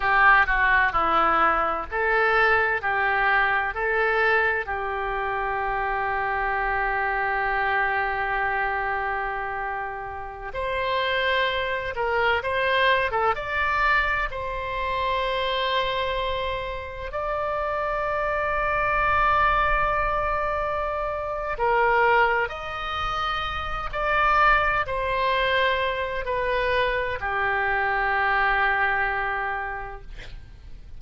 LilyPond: \new Staff \with { instrumentName = "oboe" } { \time 4/4 \tempo 4 = 64 g'8 fis'8 e'4 a'4 g'4 | a'4 g'2.~ | g'2.~ g'16 c''8.~ | c''8. ais'8 c''8. a'16 d''4 c''8.~ |
c''2~ c''16 d''4.~ d''16~ | d''2. ais'4 | dis''4. d''4 c''4. | b'4 g'2. | }